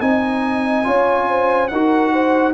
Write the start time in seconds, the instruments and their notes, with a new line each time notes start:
0.00 tuba C4, trombone D#4, horn D#5, trumpet G#5
0.83 tuba C#4, trombone F4, horn C#5
1.29 horn C5
1.68 tuba D#4, horn A#4, trumpet F#5
1.74 trombone F#4
2.12 horn C5